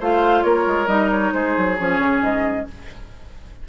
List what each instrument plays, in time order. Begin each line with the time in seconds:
0.00 bassoon A3, clarinet F4, oboe C5, flute F5
0.43 bassoon A#3, oboe A#4, flute C#5
0.67 bassoon G#3
0.87 bassoon G3, clarinet D#4, flute D#5
1.11 flute C#5
1.33 bassoon G#3, oboe G#4, flute C5
1.58 bassoon F#3
1.79 bassoon F3, clarinet C#4, flute C#5
2.00 bassoon C#3
2.22 bassoon G#2, flute D#5